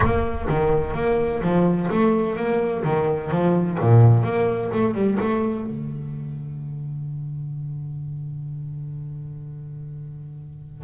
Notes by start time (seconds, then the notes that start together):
0.00 A#3
0.48 D#3
0.94 A#3
1.41 F3
1.90 A3
2.36 A#3
2.83 D#3
3.31 F3
3.80 A#2
4.23 A#3
4.73 A3
4.94 G3
5.19 A3
5.66 D3